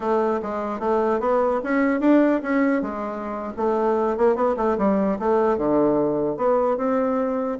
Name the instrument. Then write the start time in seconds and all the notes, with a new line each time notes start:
bassoon
0.00 A3
0.42 G#3
0.79 A3
1.20 B3
1.63 C#4
2.00 D4
2.42 C#4
2.82 G#3
3.56 A3
4.17 A#3
4.35 B3
4.56 A3
4.77 G3
5.19 A3
5.57 D3
6.36 B3
6.77 C4